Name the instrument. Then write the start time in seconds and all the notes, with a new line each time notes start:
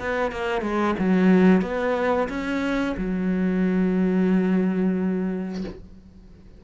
cello
0.00 B3
0.32 A#3
0.62 G#3
0.99 F#3
1.62 B3
2.29 C#4
2.98 F#3